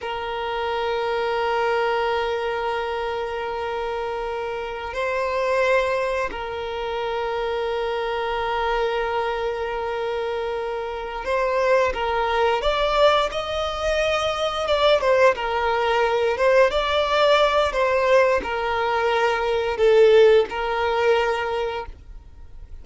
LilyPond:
\new Staff \with { instrumentName = "violin" } { \time 4/4 \tempo 4 = 88 ais'1~ | ais'2.~ ais'16 c''8.~ | c''4~ c''16 ais'2~ ais'8.~ | ais'1~ |
ais'8 c''4 ais'4 d''4 dis''8~ | dis''4. d''8 c''8 ais'4. | c''8 d''4. c''4 ais'4~ | ais'4 a'4 ais'2 | }